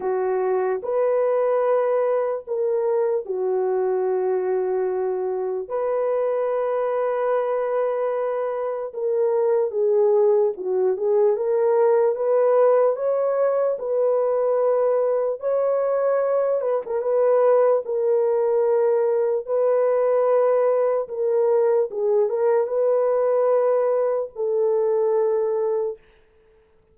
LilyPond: \new Staff \with { instrumentName = "horn" } { \time 4/4 \tempo 4 = 74 fis'4 b'2 ais'4 | fis'2. b'4~ | b'2. ais'4 | gis'4 fis'8 gis'8 ais'4 b'4 |
cis''4 b'2 cis''4~ | cis''8 b'16 ais'16 b'4 ais'2 | b'2 ais'4 gis'8 ais'8 | b'2 a'2 | }